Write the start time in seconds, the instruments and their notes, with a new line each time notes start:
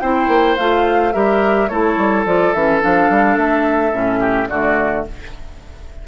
0.00 bassoon C4, clarinet E4, oboe C5, flute G5
0.28 bassoon A#3
0.56 bassoon A3, clarinet F4, flute F5
1.13 bassoon G3, clarinet G4, oboe A#4, flute E5
1.68 bassoon A3, clarinet E4, oboe A4, flute C#5
1.97 bassoon G3
2.26 bassoon F3, clarinet F4, flute D5
2.54 bassoon E3, clarinet C#4, flute E5
2.81 bassoon F3, clarinet D4, flute F5
3.10 bassoon G3
3.37 bassoon A3, flute E5
3.92 bassoon A2, clarinet C#4
4.20 oboe G4
4.49 bassoon D3, clarinet A3, oboe F#4, flute D5